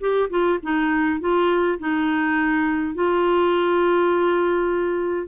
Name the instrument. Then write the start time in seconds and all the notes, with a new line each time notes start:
clarinet
0.00 G4
0.30 F4
0.62 D#4
1.20 F4
1.79 D#4
2.94 F4